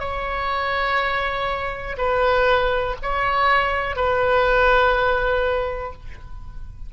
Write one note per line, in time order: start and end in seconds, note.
0.00 1.97 C#5
1.98 2.96 B4
3.03 3.97 C#5
3.97 5.93 B4